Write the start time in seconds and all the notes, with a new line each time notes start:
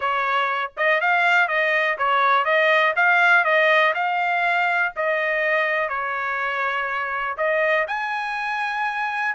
0.00 C#5
0.76 D#5
1.01 F5
1.48 D#5
1.98 C#5
2.45 D#5
2.96 F5
3.44 D#5
3.94 F5
4.96 D#5
5.89 C#5
7.37 D#5
7.87 G#5